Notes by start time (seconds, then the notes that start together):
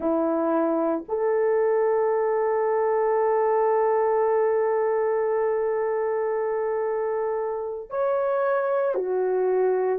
0.00 E4
1.08 A4
7.89 C#5
8.94 F#4